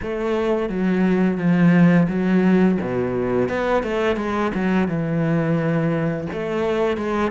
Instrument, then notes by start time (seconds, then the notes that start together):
cello
0.02 A3
0.68 F#3
1.37 F3
2.08 F#3
2.81 B2
3.49 B3
3.83 A3
4.16 G#3
4.54 F#3
4.87 E3
6.32 A3
6.97 G#3